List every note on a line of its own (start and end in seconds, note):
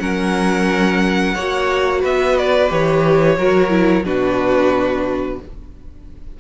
0.00 1.36 F#3
0.00 1.35 C#4
0.00 1.35 A#4
0.00 2.02 F#5
1.35 2.04 A#3
1.35 2.69 F#4
1.35 2.01 C#5
2.01 2.71 B3
2.01 3.36 B4
2.01 2.38 E5
2.38 2.72 D5
2.69 3.38 E3
2.69 3.37 G4
2.69 4.05 C#5
3.38 4.04 F#3
3.38 3.70 F#4
3.38 4.05 A#4
3.70 4.04 E4
4.04 5.39 B2
4.04 5.39 D4
4.04 5.40 F#4
4.04 5.40 B4